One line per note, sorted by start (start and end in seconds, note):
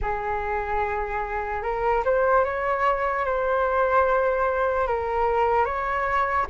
0.01 1.63 G#4
1.63 2.03 A#4
2.05 2.44 C5
2.44 3.25 C#5
3.25 4.86 C5
4.86 5.65 A#4
5.65 6.46 C#5